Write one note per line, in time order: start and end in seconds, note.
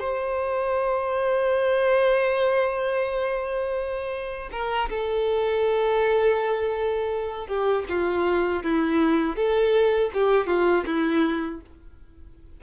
0.00 4.50 C5
4.52 4.90 A#4
4.90 7.48 A4
7.48 7.85 G4
7.89 8.64 F4
8.64 9.36 E4
9.36 10.11 A4
10.14 10.47 G4
10.47 10.85 F4
10.86 11.61 E4